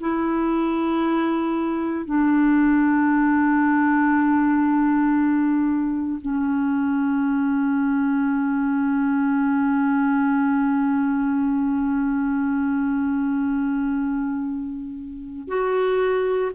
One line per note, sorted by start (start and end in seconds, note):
0.00 2.05 E4
2.05 6.19 D4
6.22 15.48 C#4
15.48 16.51 F#4